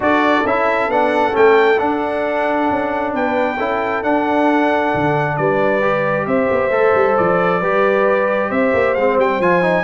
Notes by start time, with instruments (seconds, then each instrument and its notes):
0.00 tuba D4, trombone F#4, horn A4, trumpet D5
0.45 tuba C#4, trombone E4, trumpet E5
0.87 tuba B3, trombone D4, trumpet F#5
1.32 tuba A3, trombone C#4, trumpet G5
1.78 trombone D4, tuba D4, trumpet F#5
2.70 tuba C#4
3.13 tuba B3, horn B4, trumpet G5
3.57 tuba C#4, trombone E4, horn A4
4.03 trombone D4, tuba D4, trumpet F#5
4.94 tuba D3
5.36 tuba G3, horn B4, trumpet D5
5.81 trombone G4
6.26 tuba C4, horn C5, trumpet E5
6.50 tuba B3
6.70 tuba A3, trombone A4
6.94 tuba G3
7.16 tuba F3, trumpet D5
7.60 tuba G3, trombone G4, horn B4
8.49 tuba C4, horn C5, trumpet E5
8.73 tuba A#3
8.94 tuba G#3, trombone C4, trumpet F5
9.17 tuba G3, trumpet G5
9.39 tuba F3, trombone F4, trumpet G#5
9.62 trombone D#4